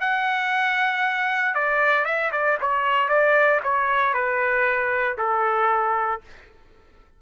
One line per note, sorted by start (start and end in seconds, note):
0.00 1.55 F#5
1.55 2.05 D5
2.05 2.31 E5
2.32 2.58 D5
2.61 3.08 C#5
3.08 3.60 D5
3.63 4.14 C#5
4.14 5.17 B4
5.17 6.21 A4